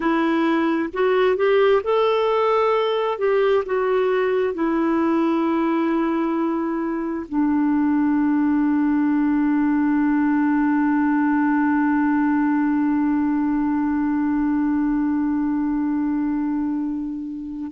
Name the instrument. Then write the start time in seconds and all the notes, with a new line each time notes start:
clarinet
0.00 E4
0.93 F#4
1.36 G4
1.83 A4
3.18 G4
3.65 F#4
4.53 E4
7.28 D4